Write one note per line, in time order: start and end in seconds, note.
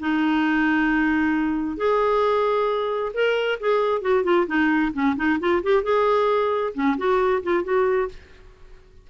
0.00 1.77 D#4
1.77 3.12 G#4
3.14 3.59 A#4
3.60 4.02 G#4
4.02 4.24 F#4
4.24 4.47 F4
4.47 4.92 D#4
4.94 5.16 C#4
5.17 5.39 D#4
5.40 5.62 F4
5.63 5.83 G4
5.83 6.73 G#4
6.74 6.97 C#4
6.98 7.43 F#4
7.43 7.64 F4
7.64 8.09 F#4